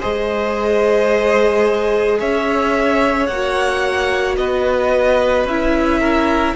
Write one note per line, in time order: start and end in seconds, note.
0.00 2.21 G#3
0.00 3.29 G#4
0.00 2.18 C5
0.00 2.20 D#5
2.19 3.29 C#4
2.19 4.37 C#5
2.19 3.27 E5
3.27 4.37 A#3
3.27 5.49 F#4
3.27 4.36 F#5
4.37 5.45 B3
4.37 6.00 B4
4.37 5.46 D#5
5.45 6.54 C#4
5.45 6.56 E4
5.45 6.56 E5
6.00 6.55 A#4